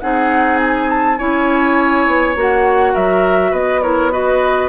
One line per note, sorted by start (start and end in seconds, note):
0.00 1.20 C4
0.00 1.18 D#4
0.00 1.18 G#4
0.00 0.59 F#5
0.61 0.90 G#5
0.91 1.18 A5
1.18 2.07 C#4
1.18 2.36 E4
1.18 2.93 C#5
1.18 2.36 G#5
2.07 2.36 B3
2.36 2.94 A#3
2.36 3.83 F#4
2.36 2.95 F#5
2.93 3.52 F#3
2.93 3.51 A#4
2.93 3.54 E5
3.51 4.69 B3
3.51 3.80 B4
3.51 3.82 D#5
3.82 4.11 E4
3.82 4.12 A#4
3.82 4.12 C#5
4.11 4.69 F#4
4.11 4.69 B4
4.11 4.69 D#5